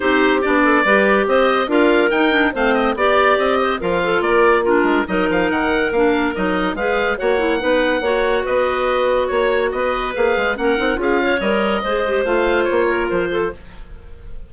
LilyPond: <<
  \new Staff \with { instrumentName = "oboe" } { \time 4/4 \tempo 4 = 142 c''4 d''2 dis''4 | f''4 g''4 f''8 dis''8 d''4 | dis''4 f''4 d''4 ais'4 | dis''8 f''8 fis''4 f''4 dis''4 |
f''4 fis''2. | dis''2 cis''4 dis''4 | f''4 fis''4 f''4 dis''4~ | dis''4 f''4 cis''4 c''4 | }
  \new Staff \with { instrumentName = "clarinet" } { \time 4/4 g'4. a'8 b'4 c''4 | ais'2 c''4 d''4~ | d''8 c''8 ais'8 a'8 ais'4 f'4 | ais'1 |
b'4 cis''4 b'4 cis''4 | b'2 cis''4 b'4~ | b'4 ais'4 gis'8 cis''4. | c''2~ c''8 ais'4 a'8 | }
  \new Staff \with { instrumentName = "clarinet" } { \time 4/4 dis'4 d'4 g'2 | f'4 dis'8 d'8 c'4 g'4~ | g'4 f'2 d'4 | dis'2 d'4 dis'4 |
gis'4 fis'8 e'8 dis'4 fis'4~ | fis'1 | gis'4 cis'8 dis'8 f'4 ais'4 | gis'8 g'8 f'2. | }
  \new Staff \with { instrumentName = "bassoon" } { \time 4/4 c'4 b4 g4 c'4 | d'4 dis'4 a4 b4 | c'4 f4 ais4. gis8 | fis8 f8 dis4 ais4 fis4 |
gis4 ais4 b4 ais4 | b2 ais4 b4 | ais8 gis8 ais8 c'8 cis'4 g4 | gis4 a4 ais4 f4 | }
>>